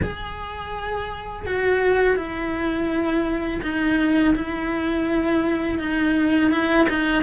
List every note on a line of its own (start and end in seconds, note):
0.02 1.46 G#4
1.46 2.16 F#4
2.16 3.60 E4
3.62 4.34 D#4
4.35 5.78 E4
5.78 6.51 D#4
6.51 6.87 E4
6.89 7.22 D#4